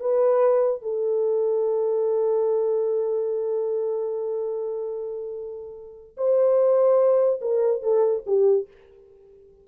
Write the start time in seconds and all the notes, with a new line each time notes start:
0.00 B4
0.82 A4
6.17 C5
7.41 A#4
7.83 A4
8.26 G4